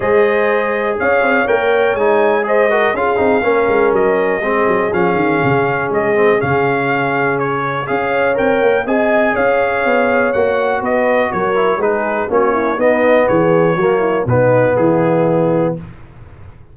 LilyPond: <<
  \new Staff \with { instrumentName = "trumpet" } { \time 4/4 \tempo 4 = 122 dis''2 f''4 g''4 | gis''4 dis''4 f''2 | dis''2 f''2 | dis''4 f''2 cis''4 |
f''4 g''4 gis''4 f''4~ | f''4 fis''4 dis''4 cis''4 | b'4 cis''4 dis''4 cis''4~ | cis''4 b'4 gis'2 | }
  \new Staff \with { instrumentName = "horn" } { \time 4/4 c''2 cis''2~ | cis''4 c''8 ais'8 gis'4 ais'4~ | ais'4 gis'2.~ | gis'1 |
cis''2 dis''4 cis''4~ | cis''2 b'4 ais'4 | gis'4 fis'8 e'8 dis'4 gis'4 | fis'8 e'8 dis'4 e'2 | }
  \new Staff \with { instrumentName = "trombone" } { \time 4/4 gis'2. ais'4 | dis'4 gis'8 fis'8 f'8 dis'8 cis'4~ | cis'4 c'4 cis'2~ | cis'8 c'8 cis'2. |
gis'4 ais'4 gis'2~ | gis'4 fis'2~ fis'8 e'8 | dis'4 cis'4 b2 | ais4 b2. | }
  \new Staff \with { instrumentName = "tuba" } { \time 4/4 gis2 cis'8 c'8 ais4 | gis2 cis'8 c'8 ais8 gis8 | fis4 gis8 fis8 f8 dis8 cis4 | gis4 cis2. |
cis'4 c'8 ais8 c'4 cis'4 | b4 ais4 b4 fis4 | gis4 ais4 b4 e4 | fis4 b,4 e2 | }
>>